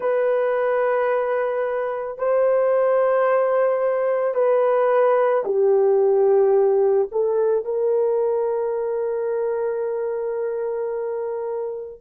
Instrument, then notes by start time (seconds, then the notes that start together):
horn
0.00 B4
2.18 C5
4.34 B4
5.44 G4
7.11 A4
7.64 A#4